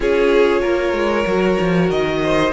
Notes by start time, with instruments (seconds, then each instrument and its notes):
0.00 cello C#4, viola F4, violin G#4 C#5
0.61 cello A#3, violin A#4
0.92 cello G#3
1.26 cello F#3, viola F#4
1.59 cello F3
1.90 cello D#3, violin D#5
2.23 violin C5